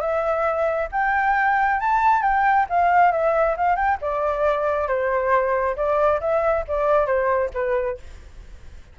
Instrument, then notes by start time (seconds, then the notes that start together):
flute
0.00 E5
0.91 G5
1.80 A5
2.22 G5
2.69 F5
3.11 E5
3.57 F5
3.75 G5
4.01 D5
4.87 C5
5.76 D5
6.20 E5
6.67 D5
7.06 C5
7.53 B4